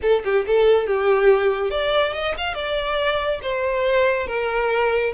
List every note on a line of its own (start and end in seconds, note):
0.02 0.23 A4
0.24 0.45 G4
0.46 0.86 A4
0.86 1.70 G4
1.70 2.13 D5
2.13 2.34 D#5
2.37 2.54 F5
2.54 3.40 D5
3.42 4.27 C5
4.27 5.12 A#4